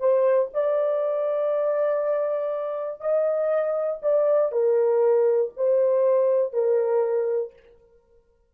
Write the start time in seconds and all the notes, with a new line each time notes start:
0.00 C5
0.54 D5
3.01 D#5
4.02 D5
4.52 A#4
5.57 C5
6.53 A#4